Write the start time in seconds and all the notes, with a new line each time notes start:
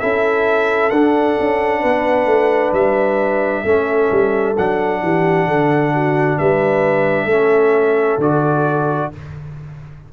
0.00 C#4 E4 A4 E5
0.90 D4 F#5
1.40 C#4
1.81 B3 B4
2.26 A3
2.72 G3 E5
3.64 A3 C#4 A4
4.11 G3
4.57 F#3 D4 F#5
5.02 E3 G4
5.47 D3 A4
5.93 F#4
6.38 G3 B4 E5
7.26 A3 C#4 A4
8.18 D3 F#4 D5